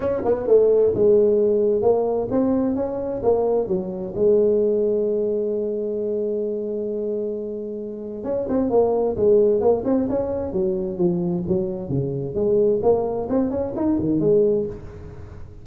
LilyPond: \new Staff \with { instrumentName = "tuba" } { \time 4/4 \tempo 4 = 131 cis'8 b8 a4 gis2 | ais4 c'4 cis'4 ais4 | fis4 gis2.~ | gis1~ |
gis2 cis'8 c'8 ais4 | gis4 ais8 c'8 cis'4 fis4 | f4 fis4 cis4 gis4 | ais4 c'8 cis'8 dis'8 dis8 gis4 | }